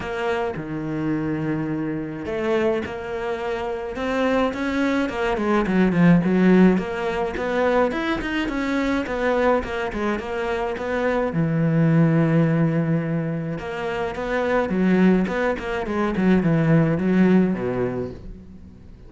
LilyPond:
\new Staff \with { instrumentName = "cello" } { \time 4/4 \tempo 4 = 106 ais4 dis2. | a4 ais2 c'4 | cis'4 ais8 gis8 fis8 f8 fis4 | ais4 b4 e'8 dis'8 cis'4 |
b4 ais8 gis8 ais4 b4 | e1 | ais4 b4 fis4 b8 ais8 | gis8 fis8 e4 fis4 b,4 | }